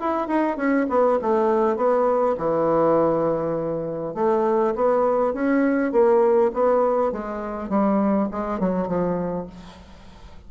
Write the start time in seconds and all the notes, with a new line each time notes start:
0.00 E4
0.28 D#4
0.56 C#4
0.89 B3
1.21 A3
1.76 B3
2.37 E3
4.14 A3
4.75 B3
5.33 C#4
5.92 A#3
6.53 B3
7.12 G#3
7.69 G3
8.31 G#3
8.59 F#3
8.87 F3